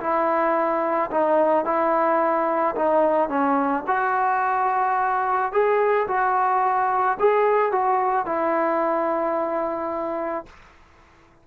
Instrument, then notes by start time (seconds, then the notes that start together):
trombone
0.00 E4
1.10 D#4
1.65 E4
2.75 D#4
3.29 C#4
3.87 F#4
5.52 G#4
6.08 F#4
7.19 G#4
7.72 F#4
8.25 E4